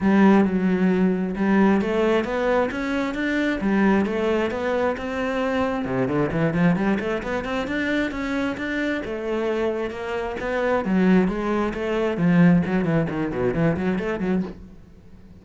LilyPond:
\new Staff \with { instrumentName = "cello" } { \time 4/4 \tempo 4 = 133 g4 fis2 g4 | a4 b4 cis'4 d'4 | g4 a4 b4 c'4~ | c'4 c8 d8 e8 f8 g8 a8 |
b8 c'8 d'4 cis'4 d'4 | a2 ais4 b4 | fis4 gis4 a4 f4 | fis8 e8 dis8 b,8 e8 fis8 a8 fis8 | }